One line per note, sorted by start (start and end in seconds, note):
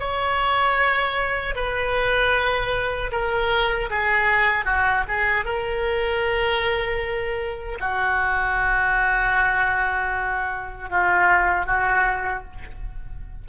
0.00 1.55 C#5
1.55 3.11 B4
3.12 3.90 A#4
3.91 4.66 G#4
4.66 5.05 F#4
5.08 5.45 G#4
5.45 7.79 A#4
7.80 10.90 F#4
10.90 11.66 F4
11.66 12.44 F#4